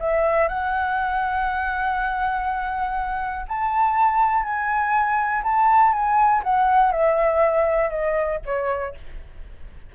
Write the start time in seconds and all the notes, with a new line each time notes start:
0.00 E5
0.48 F#5
3.48 A5
4.44 G#5
5.43 A5
5.92 G#5
6.43 F#5
6.92 E5
7.90 D#5
8.45 C#5